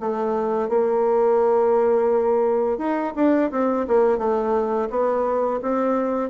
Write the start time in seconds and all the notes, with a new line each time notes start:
0.00 A3
0.69 A#3
2.78 D#4
3.16 D4
3.51 C4
3.88 A#3
4.18 A3
4.90 B3
5.62 C4